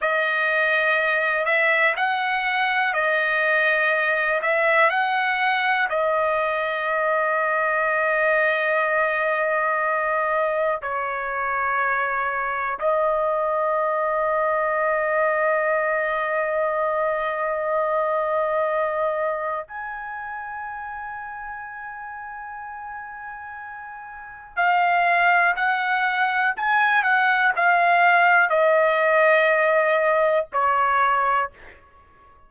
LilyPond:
\new Staff \with { instrumentName = "trumpet" } { \time 4/4 \tempo 4 = 61 dis''4. e''8 fis''4 dis''4~ | dis''8 e''8 fis''4 dis''2~ | dis''2. cis''4~ | cis''4 dis''2.~ |
dis''1 | gis''1~ | gis''4 f''4 fis''4 gis''8 fis''8 | f''4 dis''2 cis''4 | }